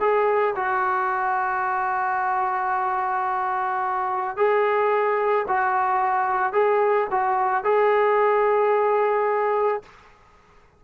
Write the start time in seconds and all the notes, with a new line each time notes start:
0.00 G#4
0.56 F#4
4.37 G#4
5.48 F#4
6.53 G#4
7.11 F#4
7.64 G#4